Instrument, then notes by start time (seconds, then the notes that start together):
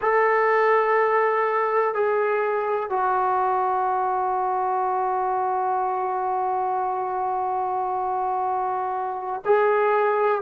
trombone
0.01 A4
1.94 G#4
2.89 F#4
9.45 G#4